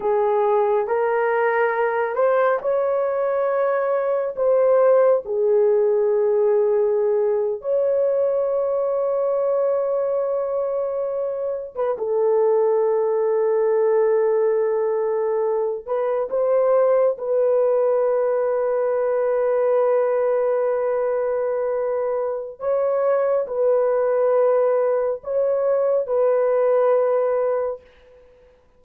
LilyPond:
\new Staff \with { instrumentName = "horn" } { \time 4/4 \tempo 4 = 69 gis'4 ais'4. c''8 cis''4~ | cis''4 c''4 gis'2~ | gis'8. cis''2.~ cis''16~ | cis''4. b'16 a'2~ a'16~ |
a'2~ a'16 b'8 c''4 b'16~ | b'1~ | b'2 cis''4 b'4~ | b'4 cis''4 b'2 | }